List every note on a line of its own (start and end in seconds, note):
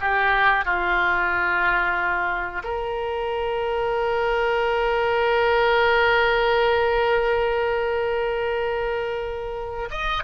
0.00 0.65 G4
0.65 2.63 F4
2.63 9.89 A#4
9.90 10.23 D#5